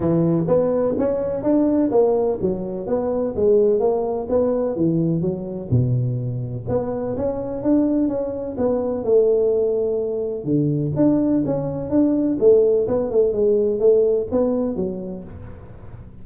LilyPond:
\new Staff \with { instrumentName = "tuba" } { \time 4/4 \tempo 4 = 126 e4 b4 cis'4 d'4 | ais4 fis4 b4 gis4 | ais4 b4 e4 fis4 | b,2 b4 cis'4 |
d'4 cis'4 b4 a4~ | a2 d4 d'4 | cis'4 d'4 a4 b8 a8 | gis4 a4 b4 fis4 | }